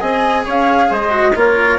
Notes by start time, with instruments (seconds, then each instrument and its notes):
0.00 bassoon C4, cello G#4, trumpet D#5, flute G#5
0.45 bassoon C#4, trumpet C#5, flute F5
0.90 bassoon G#3, trumpet C5, flute D#5
1.10 cello F#4
1.35 bassoon A#3, cello F4, trumpet A#4, flute C#5